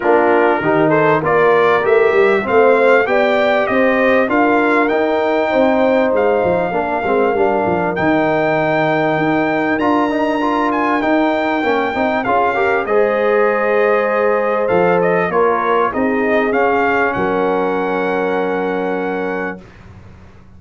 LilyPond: <<
  \new Staff \with { instrumentName = "trumpet" } { \time 4/4 \tempo 4 = 98 ais'4. c''8 d''4 e''4 | f''4 g''4 dis''4 f''4 | g''2 f''2~ | f''4 g''2. |
ais''4. gis''8 g''2 | f''4 dis''2. | f''8 dis''8 cis''4 dis''4 f''4 | fis''1 | }
  \new Staff \with { instrumentName = "horn" } { \time 4/4 f'4 g'8 a'8 ais'2 | c''4 d''4 c''4 ais'4~ | ais'4 c''2 ais'4~ | ais'1~ |
ais'1 | gis'8 ais'8 c''2.~ | c''4 ais'4 gis'2 | ais'1 | }
  \new Staff \with { instrumentName = "trombone" } { \time 4/4 d'4 dis'4 f'4 g'4 | c'4 g'2 f'4 | dis'2. d'8 c'8 | d'4 dis'2. |
f'8 dis'8 f'4 dis'4 cis'8 dis'8 | f'8 g'8 gis'2. | a'4 f'4 dis'4 cis'4~ | cis'1 | }
  \new Staff \with { instrumentName = "tuba" } { \time 4/4 ais4 dis4 ais4 a8 g8 | a4 b4 c'4 d'4 | dis'4 c'4 gis8 f8 ais8 gis8 | g8 f8 dis2 dis'4 |
d'2 dis'4 ais8 c'8 | cis'4 gis2. | f4 ais4 c'4 cis'4 | fis1 | }
>>